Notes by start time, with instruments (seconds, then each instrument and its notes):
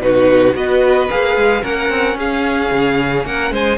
0.00 cello B2, viola D#4, violin F#4 B4
0.53 cello B3, viola F#4, violin B4 D#5
1.10 cello A#3, viola G#4, violin F5
1.36 cello G#3
1.61 cello A#3, viola C#4, violin A#4 F#5
1.90 cello C4
2.14 cello C#4, violin G#4 F5
2.71 cello C#3
3.25 cello A#3, violin A#4 F#5
3.51 cello G#3, violin C5 G#5